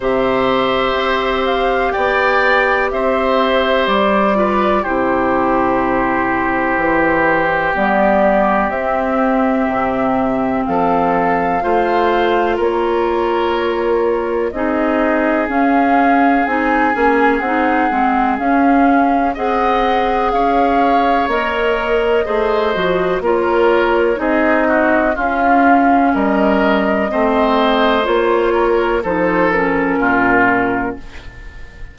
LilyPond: <<
  \new Staff \with { instrumentName = "flute" } { \time 4/4 \tempo 4 = 62 e''4. f''8 g''4 e''4 | d''4 c''2. | d''4 e''2 f''4~ | f''4 cis''2 dis''4 |
f''4 gis''4 fis''4 f''4 | fis''4 f''4 dis''2 | cis''4 dis''4 f''4 dis''4~ | dis''4 cis''4 c''8 ais'4. | }
  \new Staff \with { instrumentName = "oboe" } { \time 4/4 c''2 d''4 c''4~ | c''8 b'8 g'2.~ | g'2. a'4 | c''4 ais'2 gis'4~ |
gis'1 | dis''4 cis''2 c''4 | ais'4 gis'8 fis'8 f'4 ais'4 | c''4. ais'8 a'4 f'4 | }
  \new Staff \with { instrumentName = "clarinet" } { \time 4/4 g'1~ | g'8 f'8 e'2. | b4 c'2. | f'2. dis'4 |
cis'4 dis'8 cis'8 dis'8 c'8 cis'4 | gis'2 ais'4 gis'8 fis'8 | f'4 dis'4 cis'2 | c'4 f'4 dis'8 cis'4. | }
  \new Staff \with { instrumentName = "bassoon" } { \time 4/4 c4 c'4 b4 c'4 | g4 c2 e4 | g4 c'4 c4 f4 | a4 ais2 c'4 |
cis'4 c'8 ais8 c'8 gis8 cis'4 | c'4 cis'4 ais4 a8 f8 | ais4 c'4 cis'4 g4 | a4 ais4 f4 ais,4 | }
>>